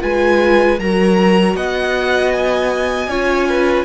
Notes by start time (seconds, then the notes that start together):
0.00 G#3 F4 B4 G#5
0.79 F#3 F#4 A#4 A#5
1.55 B3 D#5 F#5
2.32 G#5
3.07 C#4 F4 C#5
3.48 B4